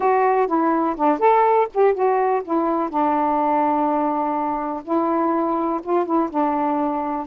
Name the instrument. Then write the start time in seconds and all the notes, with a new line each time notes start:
saxophone
0.00 F#4
0.47 E4
0.96 D4
1.19 A4
1.74 G4
1.94 F#4
2.44 E4
2.89 D4
4.84 E4
5.83 F4
6.05 E4
6.30 D4